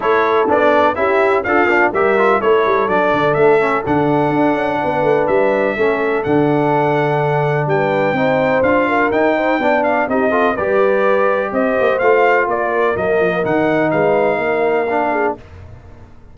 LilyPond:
<<
  \new Staff \with { instrumentName = "trumpet" } { \time 4/4 \tempo 4 = 125 cis''4 d''4 e''4 f''4 | e''4 cis''4 d''4 e''4 | fis''2. e''4~ | e''4 fis''2. |
g''2 f''4 g''4~ | g''8 f''8 dis''4 d''2 | dis''4 f''4 d''4 dis''4 | fis''4 f''2. | }
  \new Staff \with { instrumentName = "horn" } { \time 4/4 a'2 g'4 f'4 | ais'4 a'2.~ | a'2 b'2 | a'1 |
b'4 c''4. ais'4 c''8 | d''4 g'8 a'8 b'2 | c''2 ais'2~ | ais'4 b'4 ais'4. gis'8 | }
  \new Staff \with { instrumentName = "trombone" } { \time 4/4 e'4 d'4 e'4 a'8 d'8 | g'8 f'8 e'4 d'4. cis'8 | d'1 | cis'4 d'2.~ |
d'4 dis'4 f'4 dis'4 | d'4 dis'8 f'8 g'2~ | g'4 f'2 ais4 | dis'2. d'4 | }
  \new Staff \with { instrumentName = "tuba" } { \time 4/4 a4 b4 cis'4 d'8 ais8 | g4 a8 g8 fis8 d8 a4 | d4 d'8 cis'8 b8 a8 g4 | a4 d2. |
g4 c'4 d'4 dis'4 | b4 c'4 g2 | c'8 ais8 a4 ais4 fis8 f8 | dis4 gis4 ais2 | }
>>